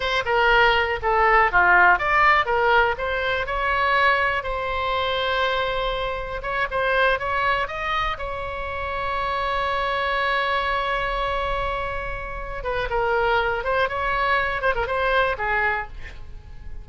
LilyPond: \new Staff \with { instrumentName = "oboe" } { \time 4/4 \tempo 4 = 121 c''8 ais'4. a'4 f'4 | d''4 ais'4 c''4 cis''4~ | cis''4 c''2.~ | c''4 cis''8 c''4 cis''4 dis''8~ |
dis''8 cis''2.~ cis''8~ | cis''1~ | cis''4. b'8 ais'4. c''8 | cis''4. c''16 ais'16 c''4 gis'4 | }